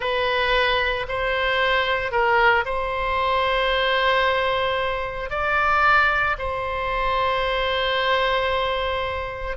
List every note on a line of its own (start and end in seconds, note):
0.00 1.06 B4
1.08 2.11 C5
2.11 2.64 A#4
2.65 5.30 C5
5.30 6.36 D5
6.38 9.56 C5